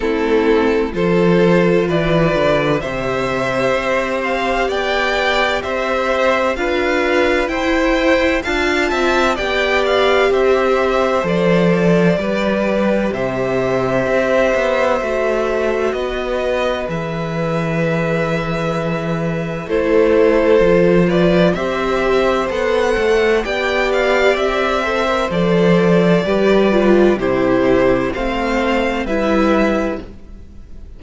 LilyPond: <<
  \new Staff \with { instrumentName = "violin" } { \time 4/4 \tempo 4 = 64 a'4 c''4 d''4 e''4~ | e''8 f''8 g''4 e''4 f''4 | g''4 a''4 g''8 f''8 e''4 | d''2 e''2~ |
e''4 dis''4 e''2~ | e''4 c''4. d''8 e''4 | fis''4 g''8 f''8 e''4 d''4~ | d''4 c''4 f''4 e''4 | }
  \new Staff \with { instrumentName = "violin" } { \time 4/4 e'4 a'4 b'4 c''4~ | c''4 d''4 c''4 b'4 | c''4 f''8 e''8 d''4 c''4~ | c''4 b'4 c''2~ |
c''4 b'2.~ | b'4 a'4. b'8 c''4~ | c''4 d''4. c''4. | b'4 g'4 c''4 b'4 | }
  \new Staff \with { instrumentName = "viola" } { \time 4/4 c'4 f'2 g'4~ | g'2. f'4 | e'4 f'4 g'2 | a'4 g'2. |
fis'2 gis'2~ | gis'4 e'4 f'4 g'4 | a'4 g'4. a'16 ais'16 a'4 | g'8 f'8 e'4 c'4 e'4 | }
  \new Staff \with { instrumentName = "cello" } { \time 4/4 a4 f4 e8 d8 c4 | c'4 b4 c'4 d'4 | e'4 d'8 c'8 b4 c'4 | f4 g4 c4 c'8 b8 |
a4 b4 e2~ | e4 a4 f4 c'4 | b8 a8 b4 c'4 f4 | g4 c4 a4 g4 | }
>>